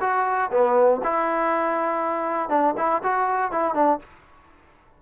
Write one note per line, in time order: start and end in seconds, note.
0.00 0.50 F#4
0.51 1.01 B3
1.03 2.49 E4
2.49 2.74 D4
2.77 3.02 E4
3.02 3.51 F#4
3.51 3.74 E4
3.74 3.99 D4